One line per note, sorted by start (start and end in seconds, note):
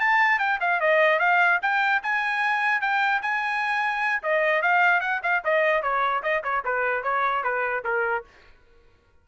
0.00 0.39 A5
0.39 0.59 G5
0.60 0.80 F5
0.81 1.19 D#5
1.19 1.59 F5
1.62 2.02 G5
2.03 2.81 G#5
2.81 3.21 G5
3.22 4.22 G#5
4.23 4.62 D#5
4.62 5.00 F5
5.00 5.21 F#5
5.23 5.43 F5
5.44 5.82 D#5
5.82 6.23 C#5
6.23 6.43 D#5
6.44 6.64 C#5
6.65 7.03 B4
7.03 7.43 C#5
7.43 7.84 B4
7.84 8.24 A#4